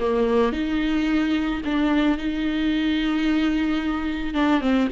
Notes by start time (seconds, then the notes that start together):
0.00 A#3
0.53 D#4
1.65 D4
2.18 D#4
4.34 D4
4.61 C4